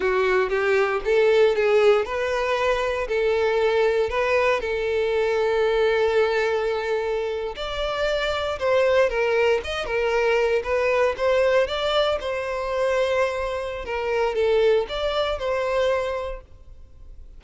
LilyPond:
\new Staff \with { instrumentName = "violin" } { \time 4/4 \tempo 4 = 117 fis'4 g'4 a'4 gis'4 | b'2 a'2 | b'4 a'2.~ | a'2~ a'8. d''4~ d''16~ |
d''8. c''4 ais'4 dis''8 ais'8.~ | ais'8. b'4 c''4 d''4 c''16~ | c''2. ais'4 | a'4 d''4 c''2 | }